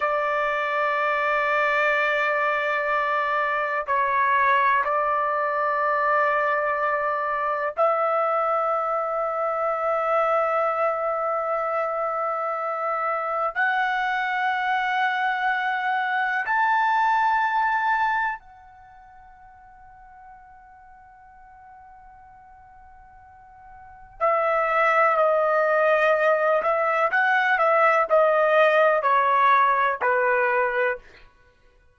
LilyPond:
\new Staff \with { instrumentName = "trumpet" } { \time 4/4 \tempo 4 = 62 d''1 | cis''4 d''2. | e''1~ | e''2 fis''2~ |
fis''4 a''2 fis''4~ | fis''1~ | fis''4 e''4 dis''4. e''8 | fis''8 e''8 dis''4 cis''4 b'4 | }